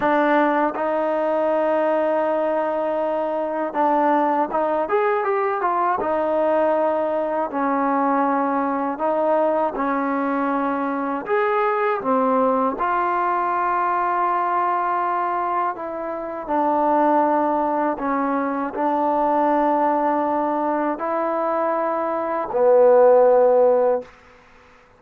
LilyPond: \new Staff \with { instrumentName = "trombone" } { \time 4/4 \tempo 4 = 80 d'4 dis'2.~ | dis'4 d'4 dis'8 gis'8 g'8 f'8 | dis'2 cis'2 | dis'4 cis'2 gis'4 |
c'4 f'2.~ | f'4 e'4 d'2 | cis'4 d'2. | e'2 b2 | }